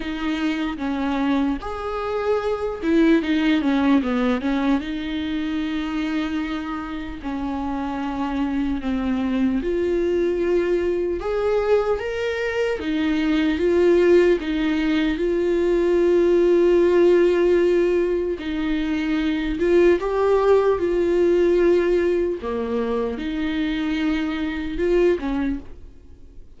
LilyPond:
\new Staff \with { instrumentName = "viola" } { \time 4/4 \tempo 4 = 75 dis'4 cis'4 gis'4. e'8 | dis'8 cis'8 b8 cis'8 dis'2~ | dis'4 cis'2 c'4 | f'2 gis'4 ais'4 |
dis'4 f'4 dis'4 f'4~ | f'2. dis'4~ | dis'8 f'8 g'4 f'2 | ais4 dis'2 f'8 cis'8 | }